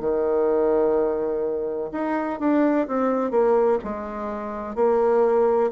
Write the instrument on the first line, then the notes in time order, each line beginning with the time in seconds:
bassoon
0.00 D#3
1.92 D#4
2.40 D4
2.87 C4
3.31 A#3
3.84 G#3
4.75 A#3